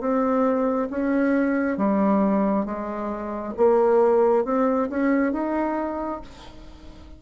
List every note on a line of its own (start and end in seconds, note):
0.00 0.88 C4
0.90 1.77 C#4
1.77 2.66 G3
2.66 3.54 G#3
3.57 4.44 A#3
4.44 4.89 C4
4.90 5.33 C#4
5.33 6.21 D#4